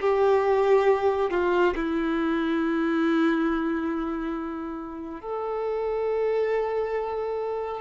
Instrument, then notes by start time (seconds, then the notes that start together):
violin
0.00 G4
1.30 F4
1.75 E4
5.21 A4